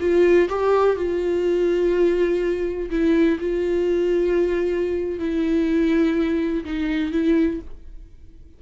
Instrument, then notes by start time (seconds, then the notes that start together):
viola
0.00 F4
0.49 G4
0.96 F4
2.90 E4
3.39 F4
5.19 E4
6.64 D#4
7.12 E4